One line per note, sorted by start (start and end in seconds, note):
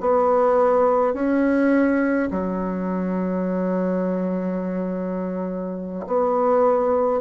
0.00 1.13 B3
1.13 2.29 C#4
2.30 6.05 F#3
6.07 7.21 B3